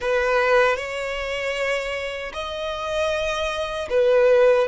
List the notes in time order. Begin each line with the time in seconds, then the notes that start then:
0.00 B4
0.76 C#5
2.33 D#5
3.89 B4